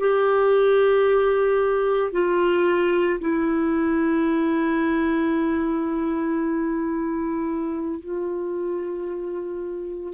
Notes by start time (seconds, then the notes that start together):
0.00 G4
2.12 F4
3.20 E4
8.01 F4